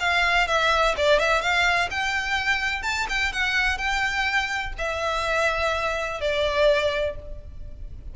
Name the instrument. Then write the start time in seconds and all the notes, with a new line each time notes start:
violin
0.00 F5
0.48 E5
0.97 D5
1.20 E5
1.42 F5
1.91 G5
2.83 A5
3.10 G5
3.33 F#5
3.78 G5
4.79 E5
6.21 D5